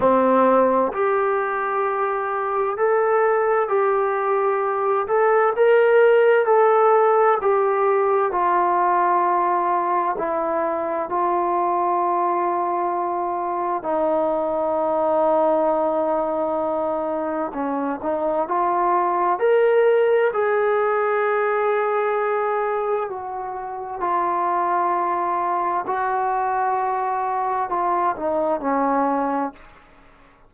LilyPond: \new Staff \with { instrumentName = "trombone" } { \time 4/4 \tempo 4 = 65 c'4 g'2 a'4 | g'4. a'8 ais'4 a'4 | g'4 f'2 e'4 | f'2. dis'4~ |
dis'2. cis'8 dis'8 | f'4 ais'4 gis'2~ | gis'4 fis'4 f'2 | fis'2 f'8 dis'8 cis'4 | }